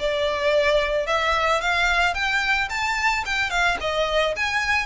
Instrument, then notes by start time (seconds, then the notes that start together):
violin
0.00 D5
1.07 E5
1.62 F5
2.15 G5
2.70 A5
3.26 G5
3.51 F5
3.81 D#5
4.37 G#5